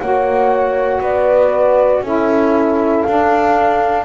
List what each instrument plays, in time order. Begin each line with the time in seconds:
0.00 double bass A#3, saxophone F#4, horn C#5, flute F#5
1.01 double bass B3, horn B4, flute D5
2.02 double bass C#4, saxophone E4, horn A4, flute E5
3.03 double bass D4, saxophone D4, flute F5